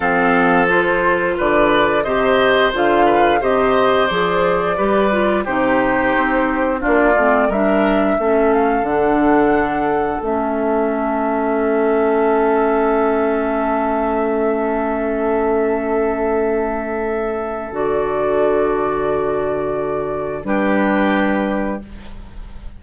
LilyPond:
<<
  \new Staff \with { instrumentName = "flute" } { \time 4/4 \tempo 4 = 88 f''4 c''4 d''4 dis''4 | f''4 dis''4 d''2 | c''2 d''4 e''4~ | e''8 f''8 fis''2 e''4~ |
e''1~ | e''1~ | e''2 d''2~ | d''2 b'2 | }
  \new Staff \with { instrumentName = "oboe" } { \time 4/4 a'2 b'4 c''4~ | c''8 b'8 c''2 b'4 | g'2 f'4 ais'4 | a'1~ |
a'1~ | a'1~ | a'1~ | a'2 g'2 | }
  \new Staff \with { instrumentName = "clarinet" } { \time 4/4 c'4 f'2 g'4 | f'4 g'4 gis'4 g'8 f'8 | dis'2 d'8 c'8 d'4 | cis'4 d'2 cis'4~ |
cis'1~ | cis'1~ | cis'2 fis'2~ | fis'2 d'2 | }
  \new Staff \with { instrumentName = "bassoon" } { \time 4/4 f2 d4 c4 | d4 c4 f4 g4 | c4 c'4 ais8 a8 g4 | a4 d2 a4~ |
a1~ | a1~ | a2 d2~ | d2 g2 | }
>>